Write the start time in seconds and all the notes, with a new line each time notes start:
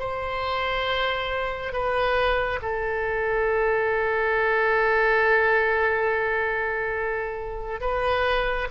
0.00 C5
1.73 B4
2.62 A4
7.81 B4